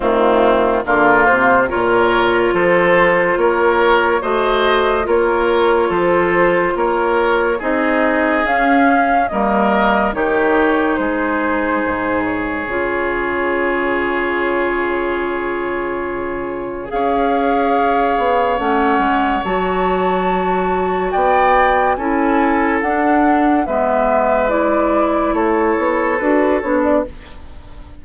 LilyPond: <<
  \new Staff \with { instrumentName = "flute" } { \time 4/4 \tempo 4 = 71 f'4 ais'8 c''8 cis''4 c''4 | cis''4 dis''4 cis''4 c''4 | cis''4 dis''4 f''4 dis''4 | cis''4 c''4. cis''4.~ |
cis''1 | f''2 fis''4 a''4~ | a''4 g''4 gis''4 fis''4 | e''4 d''4 cis''4 b'8 cis''16 d''16 | }
  \new Staff \with { instrumentName = "oboe" } { \time 4/4 c'4 f'4 ais'4 a'4 | ais'4 c''4 ais'4 a'4 | ais'4 gis'2 ais'4 | g'4 gis'2.~ |
gis'1 | cis''1~ | cis''4 d''4 a'2 | b'2 a'2 | }
  \new Staff \with { instrumentName = "clarinet" } { \time 4/4 a4 ais4 f'2~ | f'4 fis'4 f'2~ | f'4 dis'4 cis'4 ais4 | dis'2. f'4~ |
f'1 | gis'2 cis'4 fis'4~ | fis'2 e'4 d'4 | b4 e'2 fis'8 d'8 | }
  \new Staff \with { instrumentName = "bassoon" } { \time 4/4 dis4 d8 c8 ais,4 f4 | ais4 a4 ais4 f4 | ais4 c'4 cis'4 g4 | dis4 gis4 gis,4 cis4~ |
cis1 | cis'4. b8 a8 gis8 fis4~ | fis4 b4 cis'4 d'4 | gis2 a8 b8 d'8 b8 | }
>>